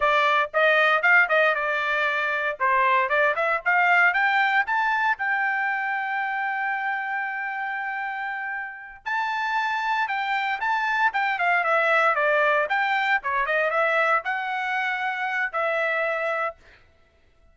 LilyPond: \new Staff \with { instrumentName = "trumpet" } { \time 4/4 \tempo 4 = 116 d''4 dis''4 f''8 dis''8 d''4~ | d''4 c''4 d''8 e''8 f''4 | g''4 a''4 g''2~ | g''1~ |
g''4. a''2 g''8~ | g''8 a''4 g''8 f''8 e''4 d''8~ | d''8 g''4 cis''8 dis''8 e''4 fis''8~ | fis''2 e''2 | }